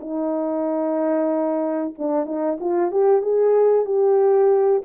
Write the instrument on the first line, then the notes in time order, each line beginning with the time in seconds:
horn
0.00 D#4
1.98 D4
2.25 D#4
2.60 F4
2.91 G4
3.21 G#4
3.85 G4